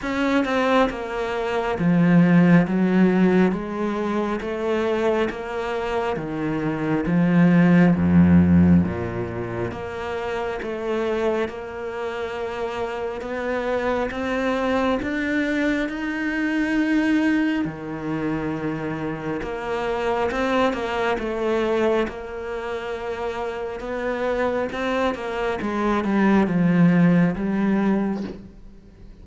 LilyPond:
\new Staff \with { instrumentName = "cello" } { \time 4/4 \tempo 4 = 68 cis'8 c'8 ais4 f4 fis4 | gis4 a4 ais4 dis4 | f4 f,4 ais,4 ais4 | a4 ais2 b4 |
c'4 d'4 dis'2 | dis2 ais4 c'8 ais8 | a4 ais2 b4 | c'8 ais8 gis8 g8 f4 g4 | }